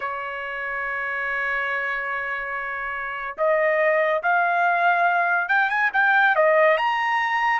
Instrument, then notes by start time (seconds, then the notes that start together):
trumpet
0.00 C#5
3.37 D#5
4.23 F5
5.48 G5
5.69 G#5
5.93 G5
6.35 D#5
6.77 A#5